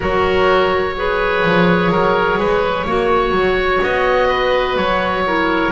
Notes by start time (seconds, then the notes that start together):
0.00 F#3 F#4 A#4 C#5
0.96 G#4 B4
1.44 F3
1.90 F#3 A#4
2.37 G#3 B4
2.85 A#3 F#4 C#5
3.31 F#3
3.83 B3 D#5
4.28 B4
4.76 F#3 C#5
5.25 E4 A#4